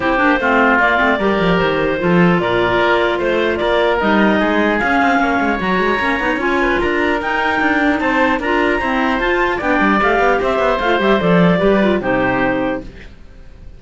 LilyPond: <<
  \new Staff \with { instrumentName = "clarinet" } { \time 4/4 \tempo 4 = 150 c''2 d''2 | c''2 d''2 | c''4 d''4 dis''2 | f''2 ais''2 |
gis''4 ais''4 g''2 | a''4 ais''2 a''4 | g''4 f''4 e''4 f''8 e''8 | d''2 c''2 | }
  \new Staff \with { instrumentName = "oboe" } { \time 4/4 g'4 f'2 ais'4~ | ais'4 a'4 ais'2 | c''4 ais'2 gis'4~ | gis'4 cis''2.~ |
cis''8 b'8 ais'2. | c''4 ais'4 c''2 | d''2 c''2~ | c''4 b'4 g'2 | }
  \new Staff \with { instrumentName = "clarinet" } { \time 4/4 e'8 d'8 c'4 ais8 c'8 g'4~ | g'4 f'2.~ | f'2 dis'2 | cis'2 fis'4 cis'8 dis'8 |
f'2 dis'4. d'16 dis'16~ | dis'4 f'4 c'4 f'4 | d'4 g'2 f'8 g'8 | a'4 g'8 f'8 dis'2 | }
  \new Staff \with { instrumentName = "cello" } { \time 4/4 c'8 ais8 a4 ais8 a8 g8 f8 | dis4 f4 ais,4 ais4 | a4 ais4 g4 gis4 | cis'8 c'8 ais8 gis8 fis8 gis8 ais8 b8 |
cis'4 d'4 dis'4 d'4 | c'4 d'4 e'4 f'4 | b8 g8 a8 b8 c'8 b8 a8 g8 | f4 g4 c2 | }
>>